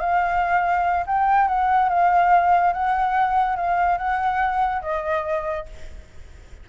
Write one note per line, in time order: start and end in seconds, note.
0.00 1.05 F5
1.06 1.48 G5
1.48 1.89 F#5
1.89 2.73 F5
2.73 3.56 F#5
3.56 3.97 F5
3.97 4.81 F#5
4.82 5.65 D#5